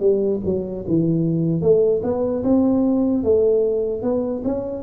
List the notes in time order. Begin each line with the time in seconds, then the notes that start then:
0.00 G3
0.45 F#3
0.88 E3
1.62 A3
2.03 B3
2.44 C4
3.24 A3
4.03 B3
4.44 C#4